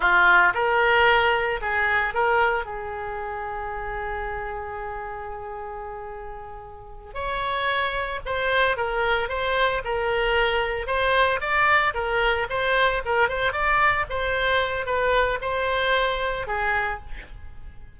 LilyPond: \new Staff \with { instrumentName = "oboe" } { \time 4/4 \tempo 4 = 113 f'4 ais'2 gis'4 | ais'4 gis'2.~ | gis'1~ | gis'4. cis''2 c''8~ |
c''8 ais'4 c''4 ais'4.~ | ais'8 c''4 d''4 ais'4 c''8~ | c''8 ais'8 c''8 d''4 c''4. | b'4 c''2 gis'4 | }